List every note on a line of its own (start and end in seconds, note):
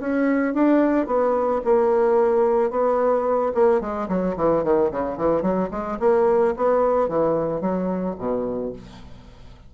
0.00 0.54 C#4
0.54 1.07 D4
1.07 1.61 B3
1.64 2.70 A#3
2.70 3.52 B3
3.54 3.81 A#3
3.81 4.08 G#3
4.08 4.36 F#3
4.36 4.64 E3
4.64 4.91 D#3
4.91 5.17 C#3
5.17 5.42 E3
5.42 5.70 F#3
5.71 5.98 G#3
6.00 6.54 A#3
6.57 7.08 B3
7.08 7.61 E3
7.61 8.15 F#3
8.18 8.73 B2